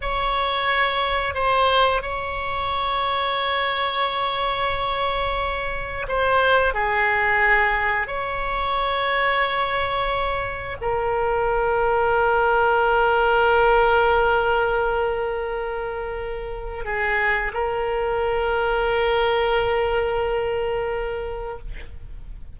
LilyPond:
\new Staff \with { instrumentName = "oboe" } { \time 4/4 \tempo 4 = 89 cis''2 c''4 cis''4~ | cis''1~ | cis''4 c''4 gis'2 | cis''1 |
ais'1~ | ais'1~ | ais'4 gis'4 ais'2~ | ais'1 | }